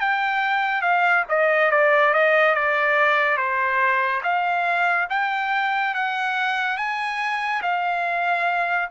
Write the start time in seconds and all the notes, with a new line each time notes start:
0.00 G5
0.81 F5
1.29 D#5
1.71 D5
2.13 D#5
2.55 D5
3.37 C5
4.23 F5
5.10 G5
5.94 F#5
6.77 G#5
7.62 F5